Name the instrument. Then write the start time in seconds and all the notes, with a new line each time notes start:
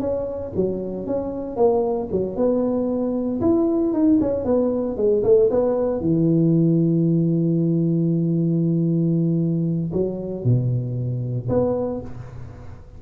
tuba
0.00 C#4
0.55 F#3
1.06 C#4
1.56 A#3
2.12 F#3
2.36 B3
3.41 E4
3.93 D#4
4.21 C#4
4.45 B3
4.97 G#3
5.23 A3
5.50 B3
6.00 E3
9.92 F#3
10.44 B2
11.49 B3